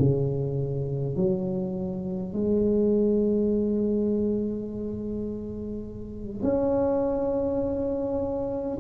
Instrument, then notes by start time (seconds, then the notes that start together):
tuba
0.00 C#3
1.17 F#3
2.34 G#3
6.43 C#4